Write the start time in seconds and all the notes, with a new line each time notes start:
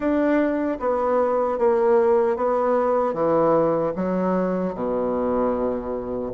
0.00 D4
0.79 B3
1.58 A#3
2.36 B3
3.13 E3
3.96 F#3
4.74 B2